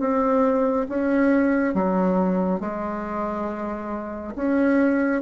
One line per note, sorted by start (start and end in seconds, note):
0.00 0.87 C4
0.89 1.74 C#4
1.74 2.60 F#3
2.60 4.34 G#3
4.36 5.22 C#4